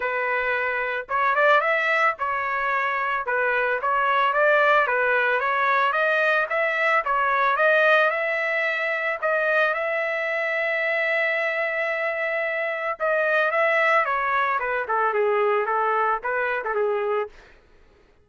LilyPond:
\new Staff \with { instrumentName = "trumpet" } { \time 4/4 \tempo 4 = 111 b'2 cis''8 d''8 e''4 | cis''2 b'4 cis''4 | d''4 b'4 cis''4 dis''4 | e''4 cis''4 dis''4 e''4~ |
e''4 dis''4 e''2~ | e''1 | dis''4 e''4 cis''4 b'8 a'8 | gis'4 a'4 b'8. a'16 gis'4 | }